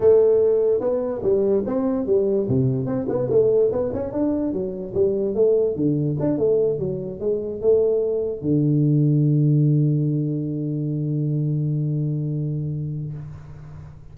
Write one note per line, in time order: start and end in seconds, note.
0.00 0.80 A3
0.80 1.21 B3
1.22 1.63 G3
1.66 2.05 C4
2.05 2.47 G3
2.48 2.85 C3
2.85 3.06 C4
3.09 3.29 B3
3.30 3.71 A3
3.71 3.92 B3
3.93 4.12 C#4
4.12 4.52 D4
4.52 4.93 F#3
4.94 5.34 G3
5.34 5.75 A3
5.75 6.16 D3
6.20 6.37 D4
6.37 6.78 A3
6.78 7.20 F#3
7.20 7.61 G#3
7.61 8.41 A3
8.41 13.13 D3